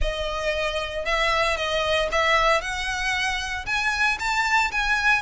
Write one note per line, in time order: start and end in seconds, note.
0.01 1.05 D#5
1.05 1.56 E5
1.56 2.08 D#5
2.11 2.61 E5
2.61 3.65 F#5
3.65 4.18 G#5
4.19 4.71 A5
4.71 5.22 G#5